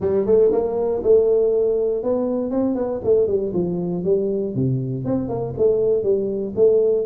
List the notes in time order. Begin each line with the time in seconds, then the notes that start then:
0.00 G3
0.26 A3
0.52 A#3
1.03 A3
2.03 B3
2.50 C4
2.75 B3
3.04 A3
3.27 G3
3.53 F3
4.04 G3
4.54 C3
5.04 C4
5.28 A#3
5.57 A3
6.03 G3
6.55 A3